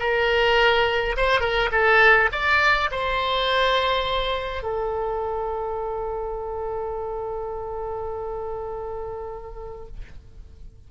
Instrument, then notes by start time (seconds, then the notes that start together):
oboe
0.00 A#4
1.17 C5
1.41 A#4
1.72 A4
2.32 D5
2.92 C5
4.63 A4